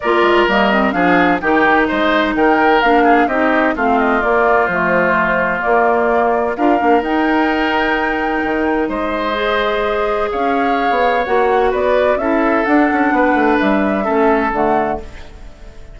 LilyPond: <<
  \new Staff \with { instrumentName = "flute" } { \time 4/4 \tempo 4 = 128 d''4 dis''4 f''4 g''4 | dis''4 g''4 f''4 dis''4 | f''8 dis''8 d''4 c''2 | d''2 f''4 g''4~ |
g''2. dis''4~ | dis''2 f''2 | fis''4 d''4 e''4 fis''4~ | fis''4 e''2 fis''4 | }
  \new Staff \with { instrumentName = "oboe" } { \time 4/4 ais'2 gis'4 g'4 | c''4 ais'4. gis'8 g'4 | f'1~ | f'2 ais'2~ |
ais'2. c''4~ | c''2 cis''2~ | cis''4 b'4 a'2 | b'2 a'2 | }
  \new Staff \with { instrumentName = "clarinet" } { \time 4/4 f'4 ais8 c'8 d'4 dis'4~ | dis'2 d'4 dis'4 | c'4 ais4 a2 | ais2 f'8 d'8 dis'4~ |
dis'1 | gis'1 | fis'2 e'4 d'4~ | d'2 cis'4 a4 | }
  \new Staff \with { instrumentName = "bassoon" } { \time 4/4 ais8 gis8 g4 f4 dis4 | gis4 dis4 ais4 c'4 | a4 ais4 f2 | ais2 d'8 ais8 dis'4~ |
dis'2 dis4 gis4~ | gis2 cis'4~ cis'16 b8. | ais4 b4 cis'4 d'8 cis'8 | b8 a8 g4 a4 d4 | }
>>